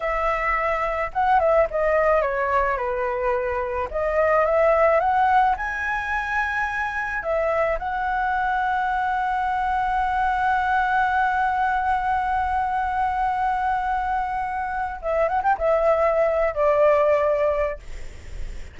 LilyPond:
\new Staff \with { instrumentName = "flute" } { \time 4/4 \tempo 4 = 108 e''2 fis''8 e''8 dis''4 | cis''4 b'2 dis''4 | e''4 fis''4 gis''2~ | gis''4 e''4 fis''2~ |
fis''1~ | fis''1~ | fis''2. e''8 fis''16 g''16 | e''4.~ e''16 d''2~ d''16 | }